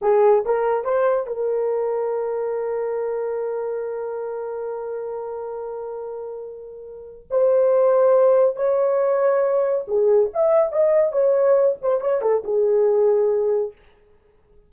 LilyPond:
\new Staff \with { instrumentName = "horn" } { \time 4/4 \tempo 4 = 140 gis'4 ais'4 c''4 ais'4~ | ais'1~ | ais'1~ | ais'1~ |
ais'4 c''2. | cis''2. gis'4 | e''4 dis''4 cis''4. c''8 | cis''8 a'8 gis'2. | }